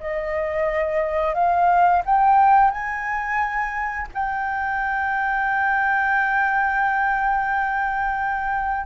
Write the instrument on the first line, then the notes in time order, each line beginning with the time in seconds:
flute
0.00 D#5
1.34 F5
2.05 G5
2.71 G#5
4.14 G5